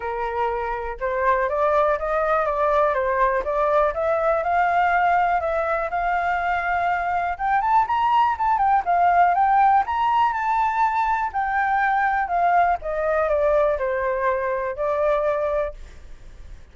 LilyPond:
\new Staff \with { instrumentName = "flute" } { \time 4/4 \tempo 4 = 122 ais'2 c''4 d''4 | dis''4 d''4 c''4 d''4 | e''4 f''2 e''4 | f''2. g''8 a''8 |
ais''4 a''8 g''8 f''4 g''4 | ais''4 a''2 g''4~ | g''4 f''4 dis''4 d''4 | c''2 d''2 | }